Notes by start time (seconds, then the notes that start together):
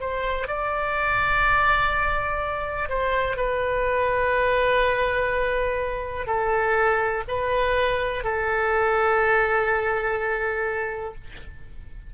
0.00 C5
0.48 D5
2.89 C5
3.37 B4
6.26 A4
7.28 B4
8.24 A4